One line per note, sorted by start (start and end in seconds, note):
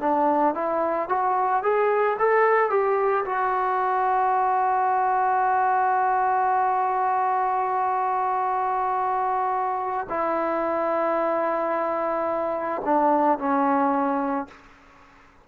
0.00 0.55 D4
0.55 1.09 E4
1.09 1.63 F#4
1.63 2.18 G#4
2.19 2.70 A4
2.70 3.24 G4
3.25 10.07 F#4
10.10 12.82 E4
12.85 13.39 D4
13.39 14.48 C#4